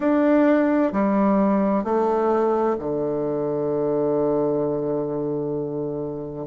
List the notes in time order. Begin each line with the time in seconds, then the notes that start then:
0.00 D4
0.92 G3
1.84 A3
2.79 D3